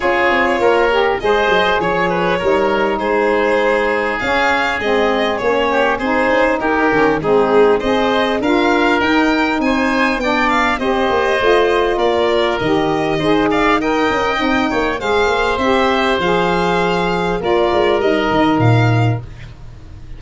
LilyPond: <<
  \new Staff \with { instrumentName = "violin" } { \time 4/4 \tempo 4 = 100 cis''2 dis''4 cis''4~ | cis''4 c''2 f''4 | dis''4 cis''4 c''4 ais'4 | gis'4 dis''4 f''4 g''4 |
gis''4 g''8 f''8 dis''2 | d''4 dis''4. f''8 g''4~ | g''4 f''4 e''4 f''4~ | f''4 d''4 dis''4 f''4 | }
  \new Staff \with { instrumentName = "oboe" } { \time 4/4 gis'4 ais'4 c''4 cis''8 b'8 | ais'4 gis'2.~ | gis'4. g'8 gis'4 g'4 | dis'4 c''4 ais'2 |
c''4 d''4 c''2 | ais'2 c''8 d''8 dis''4~ | dis''8 cis''8 c''2.~ | c''4 ais'2. | }
  \new Staff \with { instrumentName = "saxophone" } { \time 4/4 f'4. g'8 gis'2 | dis'2. cis'4 | c'4 cis'4 dis'4. cis'8 | c'4 gis'4 f'4 dis'4~ |
dis'4 d'4 g'4 f'4~ | f'4 g'4 gis'4 ais'4 | dis'4 gis'4 g'4 gis'4~ | gis'4 f'4 dis'2 | }
  \new Staff \with { instrumentName = "tuba" } { \time 4/4 cis'8 c'8 ais4 gis8 fis8 f4 | g4 gis2 cis'4 | gis4 ais4 c'8 cis'8 dis'8 dis8 | gis4 c'4 d'4 dis'4 |
c'4 b4 c'8 ais8 a4 | ais4 dis4 dis'4. cis'8 | c'8 ais8 gis8 ais8 c'4 f4~ | f4 ais8 gis8 g8 dis8 ais,4 | }
>>